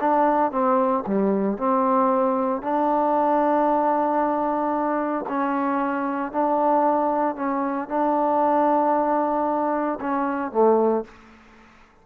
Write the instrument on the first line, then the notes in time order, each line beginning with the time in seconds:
trombone
0.00 D4
0.51 C4
1.06 G3
1.57 C4
2.62 D4
5.28 C#4
6.32 D4
7.35 C#4
7.88 D4
10.00 C#4
10.51 A3